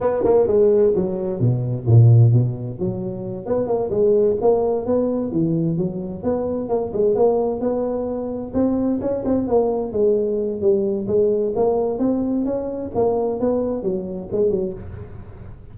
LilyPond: \new Staff \with { instrumentName = "tuba" } { \time 4/4 \tempo 4 = 130 b8 ais8 gis4 fis4 b,4 | ais,4 b,4 fis4. b8 | ais8 gis4 ais4 b4 e8~ | e8 fis4 b4 ais8 gis8 ais8~ |
ais8 b2 c'4 cis'8 | c'8 ais4 gis4. g4 | gis4 ais4 c'4 cis'4 | ais4 b4 fis4 gis8 fis8 | }